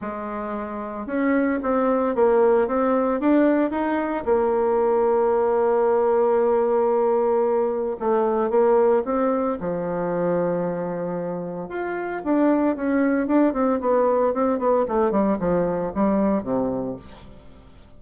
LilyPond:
\new Staff \with { instrumentName = "bassoon" } { \time 4/4 \tempo 4 = 113 gis2 cis'4 c'4 | ais4 c'4 d'4 dis'4 | ais1~ | ais2. a4 |
ais4 c'4 f2~ | f2 f'4 d'4 | cis'4 d'8 c'8 b4 c'8 b8 | a8 g8 f4 g4 c4 | }